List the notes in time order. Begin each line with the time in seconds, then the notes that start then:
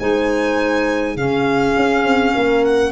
0.00 G#3 D#4 C5 G#5
1.16 C#3 C#4 G#4 F5
1.77 C#4
2.04 C4
2.35 A#3 A#4
2.65 F#5